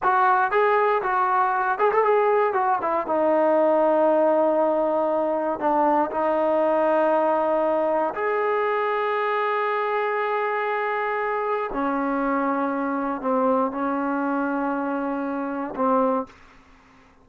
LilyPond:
\new Staff \with { instrumentName = "trombone" } { \time 4/4 \tempo 4 = 118 fis'4 gis'4 fis'4. gis'16 a'16 | gis'4 fis'8 e'8 dis'2~ | dis'2. d'4 | dis'1 |
gis'1~ | gis'2. cis'4~ | cis'2 c'4 cis'4~ | cis'2. c'4 | }